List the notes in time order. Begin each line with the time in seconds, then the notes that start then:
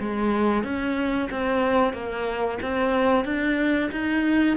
0.00 G#3
0.64 C#4
1.31 C4
1.93 A#3
2.62 C4
3.25 D4
3.92 D#4